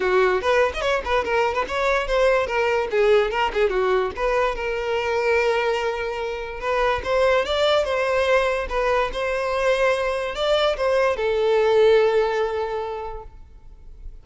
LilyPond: \new Staff \with { instrumentName = "violin" } { \time 4/4 \tempo 4 = 145 fis'4 b'8. dis''16 cis''8 b'8 ais'8. b'16 | cis''4 c''4 ais'4 gis'4 | ais'8 gis'8 fis'4 b'4 ais'4~ | ais'1 |
b'4 c''4 d''4 c''4~ | c''4 b'4 c''2~ | c''4 d''4 c''4 a'4~ | a'1 | }